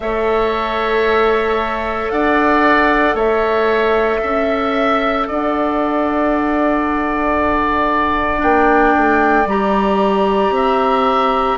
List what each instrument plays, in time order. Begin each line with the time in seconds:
0.00 bassoon A3, clarinet A4, oboe C#5, flute E5
2.10 bassoon D4, oboe D5, flute F#5
3.14 bassoon A3, oboe C#5, flute E5
4.22 bassoon C#4, oboe E5
5.27 bassoon D4, oboe D5, flute F#5
8.37 bassoon A#3, clarinet D4, flute G5
8.96 bassoon A3
9.45 bassoon G3, clarinet G4, flute A#5
10.49 bassoon C4, oboe E5